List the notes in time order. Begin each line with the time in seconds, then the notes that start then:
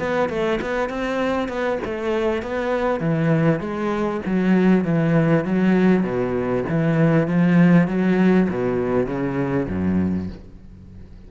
0.00 B3
0.30 A3
0.62 B3
0.90 C4
1.49 B3
1.85 A3
2.43 B3
3.01 E3
3.61 G#3
4.26 F#3
4.85 E3
5.45 F#3
6.04 B2
6.69 E3
7.28 F3
7.88 F#3
8.50 B2
9.07 C#3
9.69 F#2